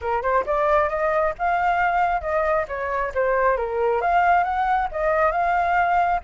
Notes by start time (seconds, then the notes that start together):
0.01 A#4
0.22 C5
0.45 D5
0.89 D#5
1.38 F5
2.21 D#5
2.68 C#5
3.14 C5
3.56 A#4
4.01 F5
4.43 F#5
4.91 D#5
5.31 F5